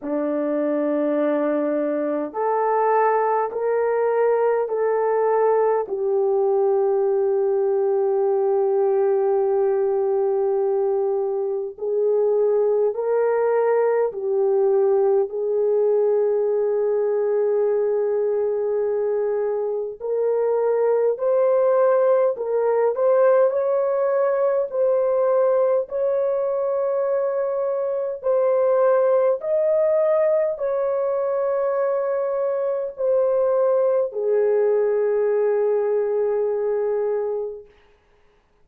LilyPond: \new Staff \with { instrumentName = "horn" } { \time 4/4 \tempo 4 = 51 d'2 a'4 ais'4 | a'4 g'2.~ | g'2 gis'4 ais'4 | g'4 gis'2.~ |
gis'4 ais'4 c''4 ais'8 c''8 | cis''4 c''4 cis''2 | c''4 dis''4 cis''2 | c''4 gis'2. | }